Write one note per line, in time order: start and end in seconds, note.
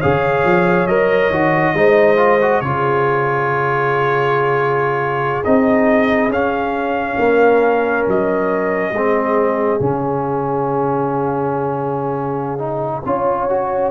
0.00 0.44 C#3
0.00 0.88 G#4
0.00 1.74 C#5
0.00 0.87 F5
0.44 0.87 F3
0.87 1.30 F#3
0.87 1.32 A#4
0.87 2.61 D#5
1.30 1.73 D#3
1.30 1.75 F#4
1.74 2.61 G#3
1.74 2.17 D#4
1.74 2.64 C5
2.17 2.38 F4
2.41 2.63 F#4
2.61 5.44 C#3
2.61 5.44 F4
2.61 7.20 G#4
2.61 5.43 C#5
5.44 6.29 C4
5.44 6.31 D#4
5.44 6.31 D#5
6.29 7.16 C#4
6.29 8.95 C#4
6.29 8.07 F5
7.18 8.05 A#3
7.18 8.93 A#4
8.07 8.92 F#3
8.07 9.81 D#5
8.92 9.79 G#3
8.92 9.79 C4
8.92 13.06 G#4
9.79 13.05 C#3
9.79 12.59 C#4
9.79 13.91 F5
12.59 13.02 D#4
13.05 13.91 C#4
13.05 13.49 F4
13.05 13.91 C#5
13.49 13.91 F#4